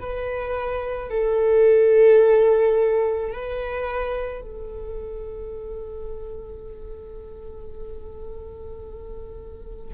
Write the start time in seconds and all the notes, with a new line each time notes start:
0.00 B4
1.11 A4
3.33 B4
4.42 A4